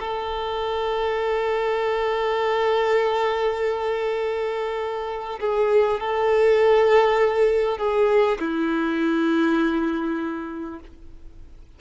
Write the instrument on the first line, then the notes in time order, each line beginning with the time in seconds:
violin
0.00 A4
5.41 G#4
6.00 A4
7.78 G#4
8.39 E4